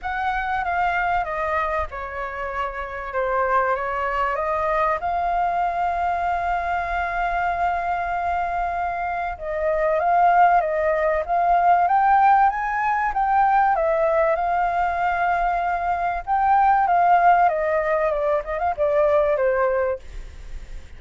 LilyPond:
\new Staff \with { instrumentName = "flute" } { \time 4/4 \tempo 4 = 96 fis''4 f''4 dis''4 cis''4~ | cis''4 c''4 cis''4 dis''4 | f''1~ | f''2. dis''4 |
f''4 dis''4 f''4 g''4 | gis''4 g''4 e''4 f''4~ | f''2 g''4 f''4 | dis''4 d''8 dis''16 f''16 d''4 c''4 | }